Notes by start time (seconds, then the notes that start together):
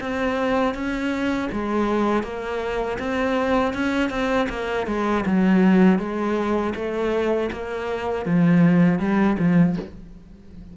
0.00 C4
0.74 C#4
1.52 G#3
2.23 A#3
2.98 C4
3.73 C#4
4.09 C4
4.49 A#3
4.86 G#3
5.26 F#3
5.98 G#3
6.75 A3
7.51 A#3
8.25 F3
8.99 G3
9.39 F3